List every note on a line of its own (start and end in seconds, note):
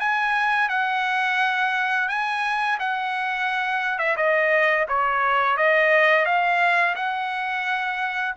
0.00 0.69 G#5
0.69 2.09 F#5
2.09 2.79 G#5
2.80 3.99 F#5
3.99 4.16 E5
4.17 4.87 D#5
4.89 5.58 C#5
5.58 6.26 D#5
6.26 6.95 F5
6.96 8.36 F#5